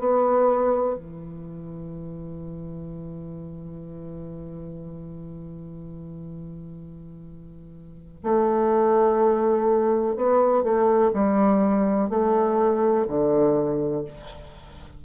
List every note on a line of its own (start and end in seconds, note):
0.00 0.96 B3
0.96 8.22 E3
8.24 10.17 A3
10.17 10.64 B3
10.64 11.12 A3
11.13 12.10 G3
12.10 13.07 A3
13.08 14.05 D3